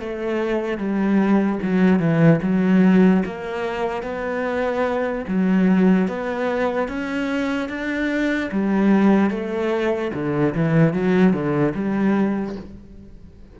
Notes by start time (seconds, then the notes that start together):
0.00 A3
0.78 G3
1.63 F#3
1.99 E3
2.43 F#3
3.25 A#3
4.03 B3
5.28 F#3
6.08 B3
6.88 C#4
7.69 D4
8.51 G3
9.30 A3
10.14 D3
10.54 E3
10.93 F#3
11.33 D3
11.75 G3